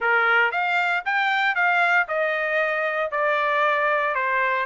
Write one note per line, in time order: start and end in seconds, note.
0.00 0.51 A#4
0.51 1.03 F5
1.05 1.55 G5
1.55 2.07 F5
2.08 3.11 D#5
3.11 4.14 D5
4.14 4.66 C5